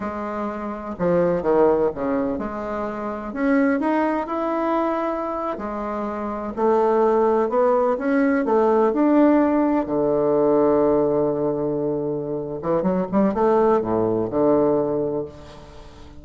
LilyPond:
\new Staff \with { instrumentName = "bassoon" } { \time 4/4 \tempo 4 = 126 gis2 f4 dis4 | cis4 gis2 cis'4 | dis'4 e'2~ e'8. gis16~ | gis4.~ gis16 a2 b16~ |
b8. cis'4 a4 d'4~ d'16~ | d'8. d2.~ d16~ | d2~ d8 e8 fis8 g8 | a4 a,4 d2 | }